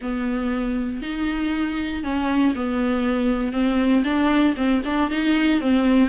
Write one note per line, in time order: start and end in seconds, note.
0.01 1.01 B3
1.01 2.03 D#4
2.03 2.54 C#4
2.55 3.52 B3
3.52 4.03 C4
4.04 4.54 D4
4.56 4.82 C4
4.84 5.10 D4
5.10 5.60 D#4
5.60 6.09 C4